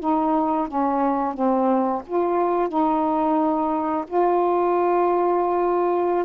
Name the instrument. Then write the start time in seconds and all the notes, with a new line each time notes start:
saxophone
0.00 D#4
0.68 C#4
1.34 C4
2.07 F4
2.68 D#4
4.07 F4